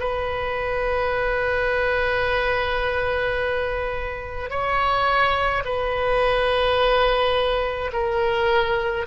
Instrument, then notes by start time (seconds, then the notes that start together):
oboe
0.00 B4
4.50 C#5
5.65 B4
7.93 A#4